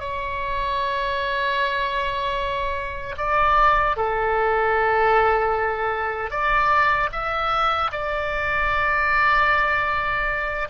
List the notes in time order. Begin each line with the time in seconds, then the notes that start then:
0.00 C#5
3.18 D5
3.97 A4
6.31 D5
7.12 E5
7.92 D5